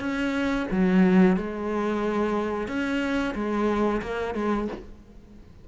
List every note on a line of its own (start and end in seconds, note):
0.00 0.67 C#4
0.71 1.37 F#3
1.37 2.68 G#3
2.68 3.35 C#4
3.35 4.02 G#3
4.02 4.35 A#3
4.35 4.68 G#3